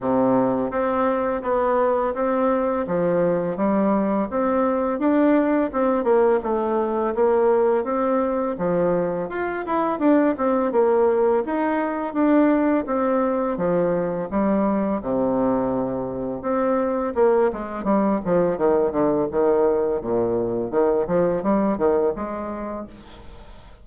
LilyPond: \new Staff \with { instrumentName = "bassoon" } { \time 4/4 \tempo 4 = 84 c4 c'4 b4 c'4 | f4 g4 c'4 d'4 | c'8 ais8 a4 ais4 c'4 | f4 f'8 e'8 d'8 c'8 ais4 |
dis'4 d'4 c'4 f4 | g4 c2 c'4 | ais8 gis8 g8 f8 dis8 d8 dis4 | ais,4 dis8 f8 g8 dis8 gis4 | }